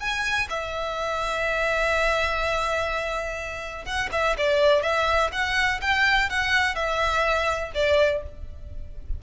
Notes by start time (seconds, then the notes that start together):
0.00 G#5
0.50 E5
3.85 F#5
4.12 E5
4.38 D5
4.83 E5
5.32 F#5
5.82 G5
6.30 F#5
6.75 E5
7.75 D5